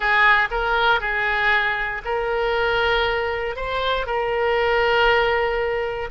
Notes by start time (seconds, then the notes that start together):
0.00 G#4
0.50 A#4
1.00 G#4
2.05 A#4
3.55 C5
4.06 A#4